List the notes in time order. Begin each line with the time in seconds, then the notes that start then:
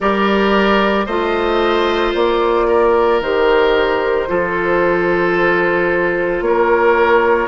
0.00 G3 G4 A#4 D5
1.06 A3 F4 C5 D#5
2.14 A#3 D5
2.67 A#4
3.20 D#3 G4 C5
4.28 F3 F4 A4
6.41 A#3 A#4 C#5